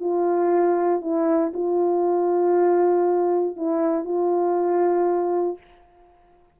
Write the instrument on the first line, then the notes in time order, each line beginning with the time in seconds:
horn
0.00 F4
1.01 E4
1.54 F4
3.56 E4
4.05 F4